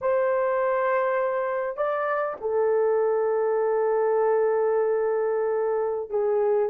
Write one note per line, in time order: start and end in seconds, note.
0.01 1.76 C5
1.76 2.36 D5
2.40 6.10 A4
6.10 6.69 G#4